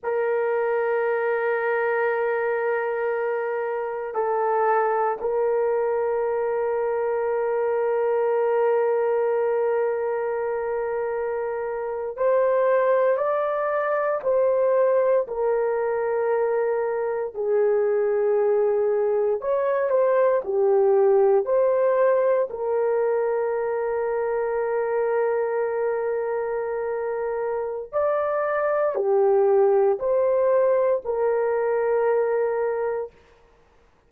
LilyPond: \new Staff \with { instrumentName = "horn" } { \time 4/4 \tempo 4 = 58 ais'1 | a'4 ais'2.~ | ais'2.~ ais'8. c''16~ | c''8. d''4 c''4 ais'4~ ais'16~ |
ais'8. gis'2 cis''8 c''8 g'16~ | g'8. c''4 ais'2~ ais'16~ | ais'2. d''4 | g'4 c''4 ais'2 | }